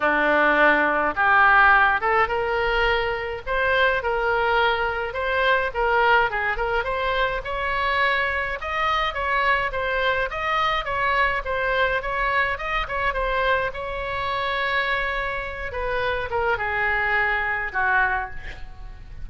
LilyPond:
\new Staff \with { instrumentName = "oboe" } { \time 4/4 \tempo 4 = 105 d'2 g'4. a'8 | ais'2 c''4 ais'4~ | ais'4 c''4 ais'4 gis'8 ais'8 | c''4 cis''2 dis''4 |
cis''4 c''4 dis''4 cis''4 | c''4 cis''4 dis''8 cis''8 c''4 | cis''2.~ cis''8 b'8~ | b'8 ais'8 gis'2 fis'4 | }